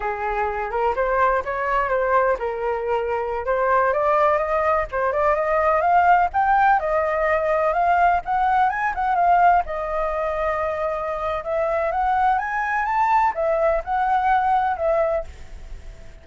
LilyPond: \new Staff \with { instrumentName = "flute" } { \time 4/4 \tempo 4 = 126 gis'4. ais'8 c''4 cis''4 | c''4 ais'2~ ais'16 c''8.~ | c''16 d''4 dis''4 c''8 d''8 dis''8.~ | dis''16 f''4 g''4 dis''4.~ dis''16~ |
dis''16 f''4 fis''4 gis''8 fis''8 f''8.~ | f''16 dis''2.~ dis''8. | e''4 fis''4 gis''4 a''4 | e''4 fis''2 e''4 | }